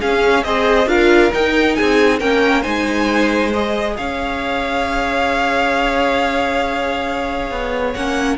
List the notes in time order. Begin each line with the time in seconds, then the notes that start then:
0.00 C#4 G#4 F5
0.43 C4 G#4 C5 D#5
0.86 D4 F4 A#4 F5
1.33 D#4 G5
1.75 G#4 G#5
1.81 C4
2.19 A#3 C#4 A#4 G5
2.61 G#3 D#4 C5 G#5
3.53 G#4 D#5
3.97 C#4 C#5 F5
7.51 B3
7.93 A#3 C#4 F#5